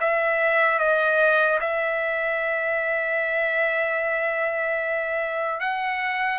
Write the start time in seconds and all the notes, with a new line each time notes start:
0.00 E5
0.79 D#5
1.60 E5
5.60 F#5